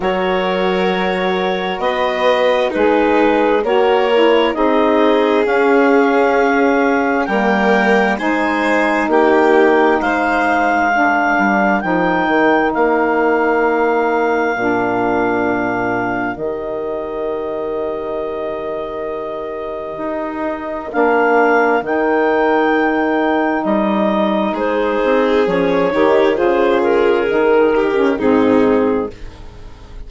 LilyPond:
<<
  \new Staff \with { instrumentName = "clarinet" } { \time 4/4 \tempo 4 = 66 cis''2 dis''4 b'4 | cis''4 dis''4 f''2 | g''4 gis''4 g''4 f''4~ | f''4 g''4 f''2~ |
f''2 dis''2~ | dis''2. f''4 | g''2 dis''4 c''4 | cis''4 c''8 ais'4. gis'4 | }
  \new Staff \with { instrumentName = "violin" } { \time 4/4 ais'2 b'4 dis'4 | ais'4 gis'2. | ais'4 c''4 g'4 c''4 | ais'1~ |
ais'1~ | ais'1~ | ais'2. gis'4~ | gis'8 g'8 gis'4. g'8 dis'4 | }
  \new Staff \with { instrumentName = "saxophone" } { \time 4/4 fis'2. gis'4 | fis'8 e'8 dis'4 cis'2 | ais4 dis'2. | d'4 dis'2. |
d'2 g'2~ | g'2. d'4 | dis'1 | cis'8 dis'8 f'4 dis'8. cis'16 c'4 | }
  \new Staff \with { instrumentName = "bassoon" } { \time 4/4 fis2 b4 gis4 | ais4 c'4 cis'2 | g4 gis4 ais4 gis4~ | gis8 g8 f8 dis8 ais2 |
ais,2 dis2~ | dis2 dis'4 ais4 | dis2 g4 gis8 c'8 | f8 dis8 cis4 dis4 gis,4 | }
>>